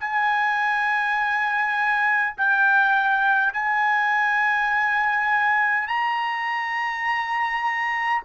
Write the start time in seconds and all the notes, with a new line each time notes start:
0.00 G#5
2.37 G5
3.53 G#5
5.87 A#5